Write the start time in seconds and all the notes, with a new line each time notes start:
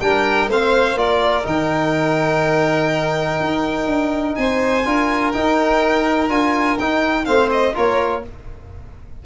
0.00 G3 D4 A#4 G5
0.48 A3 C4 C5 F5
0.94 A#3 F4 A#4 D5
1.43 D#3 D#4 G5
3.40 D#4
3.86 D4
4.35 C4 C5 G#5
4.85 D4 F4 A#4
5.32 D#4 G5
6.29 D4 F4 G#5
6.78 D#4 G5
7.25 A3 C4 C5 F5
7.51 D#5
7.74 A#3 F4 A#4 C#5